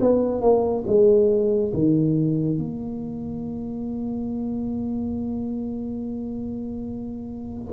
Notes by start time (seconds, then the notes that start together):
0.00 B3
0.41 A#3
0.86 G#3
1.73 D#3
2.58 A#3